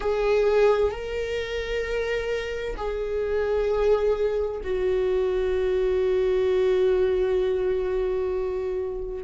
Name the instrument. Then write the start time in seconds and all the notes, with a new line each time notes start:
viola
0.00 G#4
0.91 A#4
2.76 G#4
4.63 F#4